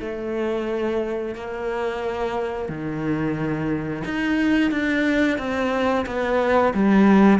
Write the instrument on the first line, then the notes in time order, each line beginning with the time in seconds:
cello
0.00 A3
1.35 A#3
2.69 D#3
4.05 D#4
4.71 D4
5.38 C4
6.06 B3
6.74 G3